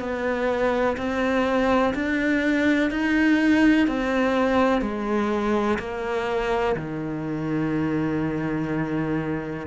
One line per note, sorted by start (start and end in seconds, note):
0.00 0.97 B3
0.97 1.94 C4
1.94 2.91 D4
2.91 3.88 D#4
3.88 4.82 C4
4.82 5.78 G#3
5.79 6.76 A#3
6.77 9.67 D#3